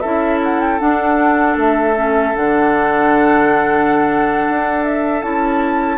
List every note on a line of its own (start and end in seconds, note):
0.00 0.81 C#4
0.00 0.79 E4
0.00 5.97 A4
0.00 0.38 E5
0.44 0.60 F#5
0.60 0.80 G5
0.79 1.95 D4
0.79 1.57 D4
0.79 1.57 F#5
1.57 2.34 A3
1.57 2.36 E5
1.95 2.34 C#4
2.35 4.48 D3
2.35 5.22 D4
2.35 4.84 F#5
4.49 5.23 D4
4.84 5.22 E5
5.22 5.98 C#4
5.22 5.98 E4
5.22 5.98 A5